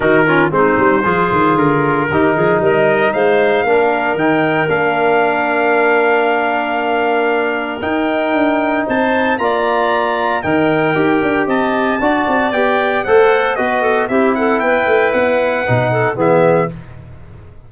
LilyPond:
<<
  \new Staff \with { instrumentName = "trumpet" } { \time 4/4 \tempo 4 = 115 ais'4 c''2 ais'4~ | ais'4 dis''4 f''2 | g''4 f''2.~ | f''2. g''4~ |
g''4 a''4 ais''2 | g''2 a''2 | g''4 fis''4 dis''4 e''8 fis''8 | g''4 fis''2 e''4 | }
  \new Staff \with { instrumentName = "clarinet" } { \time 4/4 fis'8 f'8 dis'4 gis'2 | g'8 gis'8 ais'4 c''4 ais'4~ | ais'1~ | ais'1~ |
ais'4 c''4 d''2 | ais'2 dis''4 d''4~ | d''4 c''4 b'8 a'8 g'8 a'8 | b'2~ b'8 a'8 gis'4 | }
  \new Staff \with { instrumentName = "trombone" } { \time 4/4 dis'8 cis'8 c'4 f'2 | dis'2. d'4 | dis'4 d'2.~ | d'2. dis'4~ |
dis'2 f'2 | dis'4 g'2 fis'4 | g'4 a'4 fis'4 e'4~ | e'2 dis'4 b4 | }
  \new Staff \with { instrumentName = "tuba" } { \time 4/4 dis4 gis8 g8 f8 dis8 d4 | dis8 f8 g4 gis4 ais4 | dis4 ais2.~ | ais2. dis'4 |
d'4 c'4 ais2 | dis4 dis'8 d'8 c'4 d'8 c'8 | b4 a4 b4 c'4 | b8 a8 b4 b,4 e4 | }
>>